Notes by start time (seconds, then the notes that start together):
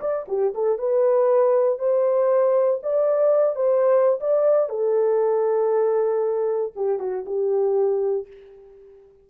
0.00 D5
0.28 G4
0.54 A4
0.78 B4
1.78 C5
2.82 D5
3.55 C5
4.20 D5
4.69 A4
6.75 G4
6.99 F#4
7.25 G4